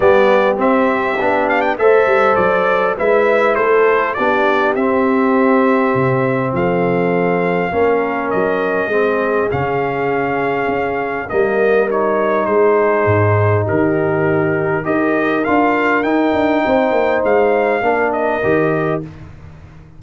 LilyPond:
<<
  \new Staff \with { instrumentName = "trumpet" } { \time 4/4 \tempo 4 = 101 d''4 e''4. f''16 g''16 e''4 | d''4 e''4 c''4 d''4 | e''2. f''4~ | f''2 dis''2 |
f''2. dis''4 | cis''4 c''2 ais'4~ | ais'4 dis''4 f''4 g''4~ | g''4 f''4. dis''4. | }
  \new Staff \with { instrumentName = "horn" } { \time 4/4 g'2. c''4~ | c''4 b'4 a'4 g'4~ | g'2. a'4~ | a'4 ais'2 gis'4~ |
gis'2. ais'4~ | ais'4 gis'2 g'4~ | g'4 ais'2. | c''2 ais'2 | }
  \new Staff \with { instrumentName = "trombone" } { \time 4/4 b4 c'4 d'4 a'4~ | a'4 e'2 d'4 | c'1~ | c'4 cis'2 c'4 |
cis'2. ais4 | dis'1~ | dis'4 g'4 f'4 dis'4~ | dis'2 d'4 g'4 | }
  \new Staff \with { instrumentName = "tuba" } { \time 4/4 g4 c'4 b4 a8 g8 | fis4 gis4 a4 b4 | c'2 c4 f4~ | f4 ais4 fis4 gis4 |
cis2 cis'4 g4~ | g4 gis4 gis,4 dis4~ | dis4 dis'4 d'4 dis'8 d'8 | c'8 ais8 gis4 ais4 dis4 | }
>>